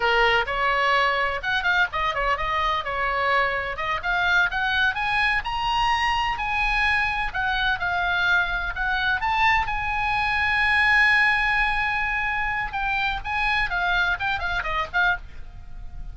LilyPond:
\new Staff \with { instrumentName = "oboe" } { \time 4/4 \tempo 4 = 127 ais'4 cis''2 fis''8 f''8 | dis''8 cis''8 dis''4 cis''2 | dis''8 f''4 fis''4 gis''4 ais''8~ | ais''4. gis''2 fis''8~ |
fis''8 f''2 fis''4 a''8~ | a''8 gis''2.~ gis''8~ | gis''2. g''4 | gis''4 f''4 g''8 f''8 dis''8 f''8 | }